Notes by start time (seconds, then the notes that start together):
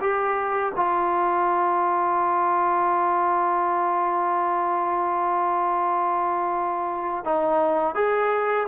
0.00 G4
0.76 F4
7.24 D#4
7.94 G#4